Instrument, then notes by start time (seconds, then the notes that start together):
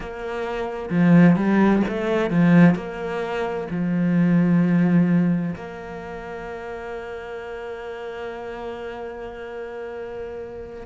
cello
0.00 A#3
0.90 F3
1.36 G3
1.88 A3
2.30 F3
2.75 A#3
3.70 F3
5.55 A#3